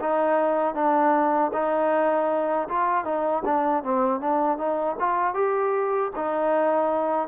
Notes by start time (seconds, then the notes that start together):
0.00 D#4
0.75 D4
1.53 D#4
2.69 F4
3.05 D#4
3.45 D4
3.84 C4
4.21 D4
4.58 D#4
5.00 F4
5.35 G4
6.16 D#4